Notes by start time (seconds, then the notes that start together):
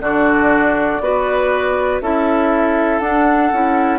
0.00 D3 D4 F#4 D5
1.00 B3 F#4 B4
2.01 C#4 E4 A4 E5
2.99 D4 F#5
3.52 C#4 E4